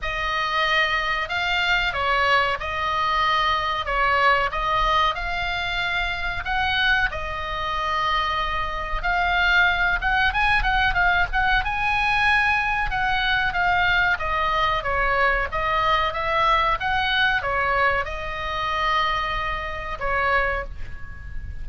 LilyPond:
\new Staff \with { instrumentName = "oboe" } { \time 4/4 \tempo 4 = 93 dis''2 f''4 cis''4 | dis''2 cis''4 dis''4 | f''2 fis''4 dis''4~ | dis''2 f''4. fis''8 |
gis''8 fis''8 f''8 fis''8 gis''2 | fis''4 f''4 dis''4 cis''4 | dis''4 e''4 fis''4 cis''4 | dis''2. cis''4 | }